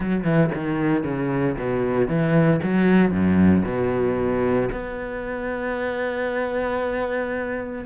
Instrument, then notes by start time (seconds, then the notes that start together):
cello
0.00 F#3
0.24 E3
0.54 D#3
1.03 C#3
1.57 B2
2.08 E3
2.63 F#3
3.11 F#2
3.65 B2
4.71 B3